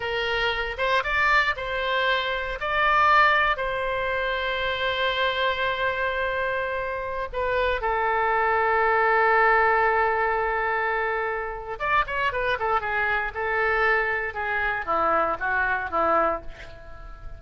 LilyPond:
\new Staff \with { instrumentName = "oboe" } { \time 4/4 \tempo 4 = 117 ais'4. c''8 d''4 c''4~ | c''4 d''2 c''4~ | c''1~ | c''2~ c''16 b'4 a'8.~ |
a'1~ | a'2. d''8 cis''8 | b'8 a'8 gis'4 a'2 | gis'4 e'4 fis'4 e'4 | }